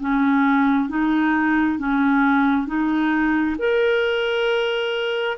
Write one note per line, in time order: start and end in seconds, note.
0.00 0.89 C#4
0.89 1.78 D#4
1.78 2.67 C#4
2.67 3.56 D#4
3.59 5.38 A#4